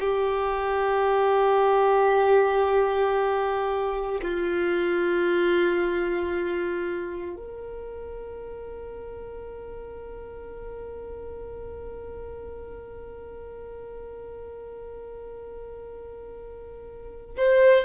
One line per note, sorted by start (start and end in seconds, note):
0.00 4.21 G4
4.22 7.36 F4
7.36 17.36 A#4
17.37 17.85 C5